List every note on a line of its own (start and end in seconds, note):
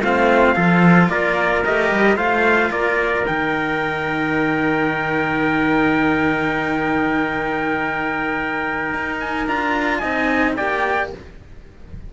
0.00 0.54 A3
0.00 0.56 C4
0.00 0.55 F4
0.00 1.09 F5
0.55 1.09 F3
0.55 1.64 F4
0.55 1.09 A4
1.09 1.63 A#3
1.09 2.17 A#4
1.09 1.63 D5
1.65 1.92 A3
1.65 2.17 G4
1.65 2.17 D#5
1.92 2.16 G3
2.16 2.70 A3
2.16 3.25 F4
2.16 2.71 C5
2.16 2.71 F5
2.71 3.25 A#3
2.71 10.00 A#4
2.71 3.26 D5
3.27 8.94 D#3
3.27 9.49 D#4
3.27 9.20 G5
8.94 9.47 D#4
9.20 9.47 G#5
9.47 10.01 D4
9.47 10.03 F4
9.47 9.98 A#5
9.98 10.58 C4
9.98 10.57 D#4
9.98 10.55 D#5
9.98 10.52 G#5
10.56 11.14 A#3
10.56 11.12 G4
10.56 11.11 D5
10.56 11.10 G5